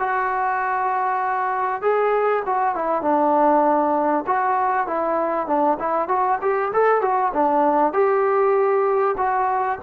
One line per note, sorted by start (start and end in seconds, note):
0.00 1.82 F#4
1.82 2.44 G#4
2.46 2.75 F#4
2.75 3.03 E4
3.03 4.25 D4
4.27 4.88 F#4
4.88 5.48 E4
5.48 5.78 D4
5.80 6.09 E4
6.09 6.39 F#4
6.42 6.73 G4
6.73 7.02 A4
7.02 7.32 F#4
7.34 7.93 D4
7.93 9.16 G4
9.18 9.79 F#4